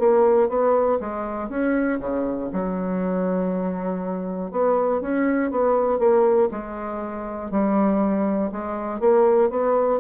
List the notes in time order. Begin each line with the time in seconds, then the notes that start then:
0.00 A#3
0.49 B3
1.00 G#3
1.50 C#4
2.00 C#3
2.53 F#3
4.52 B3
5.01 C#4
5.51 B3
5.99 A#3
6.52 G#3
7.51 G3
8.52 G#3
9.00 A#3
9.50 B3